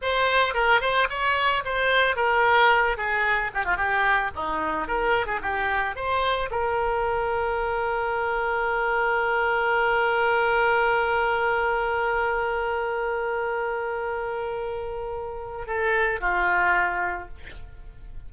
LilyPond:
\new Staff \with { instrumentName = "oboe" } { \time 4/4 \tempo 4 = 111 c''4 ais'8 c''8 cis''4 c''4 | ais'4. gis'4 g'16 f'16 g'4 | dis'4 ais'8. gis'16 g'4 c''4 | ais'1~ |
ais'1~ | ais'1~ | ais'1~ | ais'4 a'4 f'2 | }